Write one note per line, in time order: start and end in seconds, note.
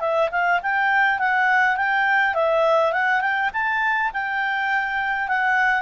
0.00 0.29 E5
0.31 0.60 F5
0.62 1.19 G5
1.19 1.76 F#5
1.76 2.34 G5
2.34 2.92 E5
2.93 3.21 F#5
3.21 3.50 G5
3.53 4.11 A5
4.13 5.28 G5
5.28 5.82 F#5